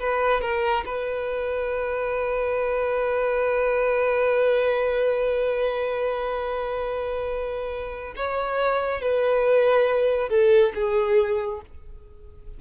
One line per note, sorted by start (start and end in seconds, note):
0.00 0.41 B4
0.41 0.84 A#4
0.86 8.15 B4
8.16 9.01 C#5
9.01 10.30 B4
10.30 10.73 A4
10.75 11.61 G#4